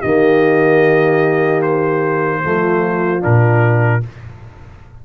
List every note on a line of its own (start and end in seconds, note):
0.00 2.43 D#3
0.00 2.42 A#3
0.00 2.40 G4
0.00 1.61 D#5
1.62 3.22 C5
2.42 3.24 F3
2.42 3.20 A3
2.42 4.04 F4
3.20 4.05 A#2
3.20 4.00 D4
3.20 4.03 A#4